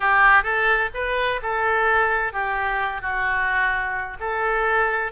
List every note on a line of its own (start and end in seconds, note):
0.00 0.43 G4
0.43 0.89 A4
0.94 1.40 B4
1.42 2.32 A4
2.32 3.01 G4
3.01 4.17 F#4
4.19 5.12 A4